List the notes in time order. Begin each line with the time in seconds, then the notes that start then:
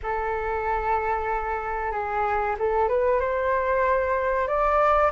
0.03 A4
1.91 G#4
2.59 A4
2.88 B4
3.19 C5
4.47 D5